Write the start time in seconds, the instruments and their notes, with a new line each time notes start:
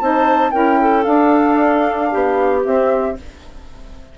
0.00 bassoon C4, saxophone D#4, clarinet C5, flute A5
0.51 bassoon C#4, saxophone E4, clarinet A#4, flute G5
0.81 clarinet A4
1.03 saxophone D4, bassoon D4, flute F5
2.11 bassoon B3, clarinet G4
2.64 saxophone C4, bassoon C4, flute E5